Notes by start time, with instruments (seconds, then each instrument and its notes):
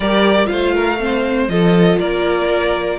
0.00 cello G3, viola G4, violin A#4 D5
0.45 viola F4, violin C5 F5
0.52 cello A3
0.74 violin A#4
0.99 viola C4, violin C5
1.48 cello F3, viola F4, violin A4 D#5
1.99 cello A#3, violin A#4 D5